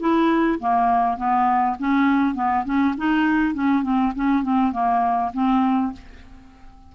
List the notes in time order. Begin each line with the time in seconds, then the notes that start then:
0.00 E4
0.59 A#3
1.17 B3
1.80 C#4
2.35 B3
2.65 C#4
2.98 D#4
3.54 C#4
3.83 C4
4.16 C#4
4.43 C4
4.73 A#3
5.34 C4